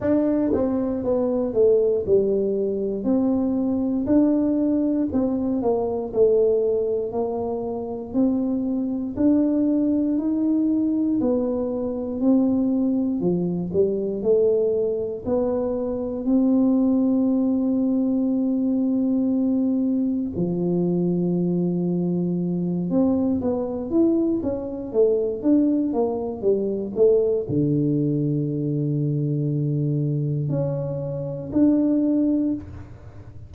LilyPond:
\new Staff \with { instrumentName = "tuba" } { \time 4/4 \tempo 4 = 59 d'8 c'8 b8 a8 g4 c'4 | d'4 c'8 ais8 a4 ais4 | c'4 d'4 dis'4 b4 | c'4 f8 g8 a4 b4 |
c'1 | f2~ f8 c'8 b8 e'8 | cis'8 a8 d'8 ais8 g8 a8 d4~ | d2 cis'4 d'4 | }